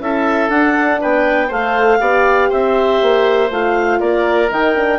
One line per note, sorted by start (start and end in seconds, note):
0.00 0.49 C#4
0.00 0.51 E4
0.00 1.01 A4
0.00 0.50 E5
0.49 0.99 D4
0.49 1.50 D4
0.49 1.00 F#5
1.01 1.51 B3
1.01 1.48 B4
1.01 1.52 G5
1.48 2.00 A3
1.48 2.00 A4
1.48 1.98 C5
1.48 2.52 F5
2.00 2.50 B3
2.00 3.50 G4
2.00 2.49 D5
2.49 3.02 C4
2.49 3.99 C5
2.49 3.52 E5
3.02 3.51 A#3
3.51 4.01 A3
3.51 4.49 F4
3.51 4.00 F5
4.00 4.50 A#3
4.00 4.99 A#4
4.00 4.50 D5
4.49 4.99 D#3
4.49 4.74 D#4
4.49 4.99 G5
4.76 4.99 D4